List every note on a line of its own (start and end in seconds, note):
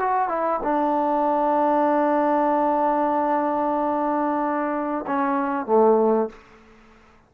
0.00 0.29 F#4
0.29 0.61 E4
0.63 5.06 D4
5.07 5.67 C#4
5.67 6.30 A3